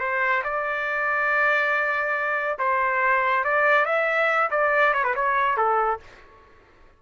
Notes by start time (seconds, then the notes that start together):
0.00 C5
0.44 D5
2.59 C5
3.44 D5
3.86 E5
4.51 D5
4.94 C#5
5.04 B4
5.15 C#5
5.57 A4